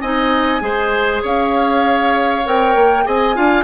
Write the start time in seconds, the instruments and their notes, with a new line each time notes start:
0.00 bassoon C4, clarinet D#4, oboe D#5, flute G#5
0.60 bassoon G#3, clarinet G#4, oboe C5
1.22 bassoon C#4, oboe C#5, flute F5
2.45 bassoon C4, clarinet A#4, flute G5
2.75 bassoon A#3
3.04 bassoon C4, clarinet G#4, oboe D#5, flute G#5
3.35 bassoon D4, clarinet F4, oboe F5